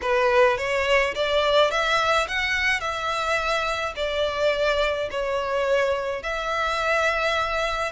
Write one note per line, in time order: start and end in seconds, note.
0.01 0.57 B4
0.57 1.14 C#5
1.14 1.70 D5
1.70 2.27 E5
2.28 2.80 F#5
2.80 3.93 E5
3.96 5.09 D5
5.10 6.22 C#5
6.22 7.92 E5